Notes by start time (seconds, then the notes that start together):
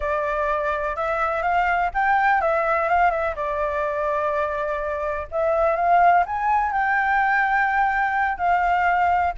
0.00 D5
0.96 E5
1.42 F5
1.94 G5
2.41 E5
2.88 F5
3.11 E5
3.35 D5
5.31 E5
5.76 F5
6.26 G#5
6.72 G5
8.37 F5